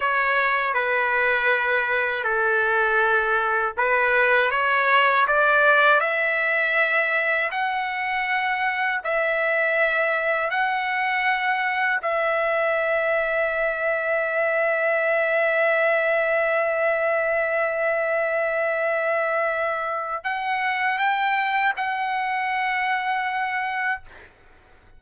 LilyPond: \new Staff \with { instrumentName = "trumpet" } { \time 4/4 \tempo 4 = 80 cis''4 b'2 a'4~ | a'4 b'4 cis''4 d''4 | e''2 fis''2 | e''2 fis''2 |
e''1~ | e''1~ | e''2. fis''4 | g''4 fis''2. | }